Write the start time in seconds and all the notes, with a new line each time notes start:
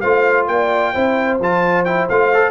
0.00 A3 F4 C5 F5
0.47 A#3 D5 G5
0.93 C4 E4 C5
1.39 F3 F4 A5
1.85 E4 G5
2.09 A3 F4 F5
2.33 A4